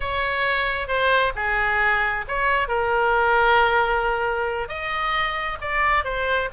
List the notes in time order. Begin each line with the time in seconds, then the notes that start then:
0.00 C#5
0.87 C5
1.35 G#4
2.28 C#5
2.67 A#4
4.68 D#5
5.61 D5
6.04 C5